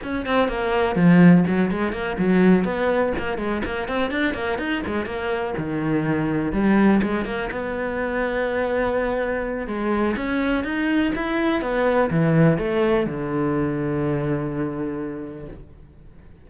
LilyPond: \new Staff \with { instrumentName = "cello" } { \time 4/4 \tempo 4 = 124 cis'8 c'8 ais4 f4 fis8 gis8 | ais8 fis4 b4 ais8 gis8 ais8 | c'8 d'8 ais8 dis'8 gis8 ais4 dis8~ | dis4. g4 gis8 ais8 b8~ |
b1 | gis4 cis'4 dis'4 e'4 | b4 e4 a4 d4~ | d1 | }